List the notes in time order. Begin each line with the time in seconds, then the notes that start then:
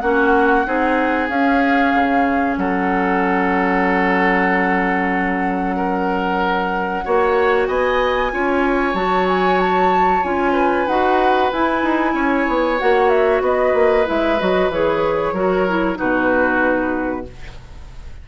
0.00 A#3 C#4 F#4 F#5
0.66 C4 D#4 G#4
1.29 C#4 F5
1.94 C#3
2.57 F#3 A4 F#5
5.77 A#4
7.05 A#3 F#4 C#5
7.68 B3 D#5 G#5
8.32 C#4 F4 C#5
8.94 F#3 F#4 A5
9.28 G#5
9.60 A5
10.23 C#4 F4 G#5
10.53 B4
10.87 D#4 F#4 F#5
11.53 E4 G#5
11.83 D#4
12.14 C#4 C#5
12.49 B3
12.79 A#3 F#4 F#5
13.10 E5
13.41 B3 B4 D#5
13.74 A#3
14.05 G#3 E4 E5
14.39 F#3 F#4 D#5
14.69 E3 G#4 C#5
15.33 F#3 F#4 A#4
15.68 E4
15.95 B2 D#4 F#4 B4